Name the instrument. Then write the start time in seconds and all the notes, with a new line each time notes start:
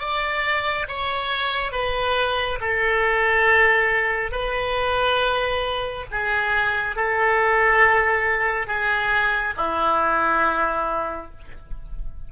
oboe
0.00 D5
0.89 C#5
1.72 B4
2.61 A4
4.32 B4
6.11 G#4
6.96 A4
8.68 G#4
9.58 E4